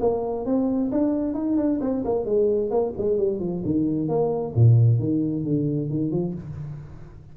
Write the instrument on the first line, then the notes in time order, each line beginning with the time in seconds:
tuba
0.00 A#3
0.45 C4
0.92 D4
1.34 D#4
1.57 D4
1.81 C4
2.04 A#3
2.25 G#3
2.70 A#3
2.97 G#3
3.17 G3
3.39 F3
3.65 D#3
4.08 A#3
4.55 A#2
4.99 D#3
5.44 D3
5.89 D#3
6.11 F3